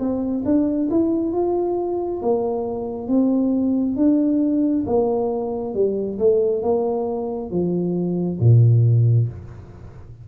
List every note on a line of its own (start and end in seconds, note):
0.00 0.44 C4
0.45 0.89 D4
0.91 1.33 E4
1.33 2.21 F4
2.22 3.08 A#3
3.08 3.96 C4
3.97 4.85 D4
4.86 5.74 A#3
5.74 6.18 G3
6.19 6.63 A3
6.63 7.51 A#3
7.51 8.39 F3
8.40 9.28 A#2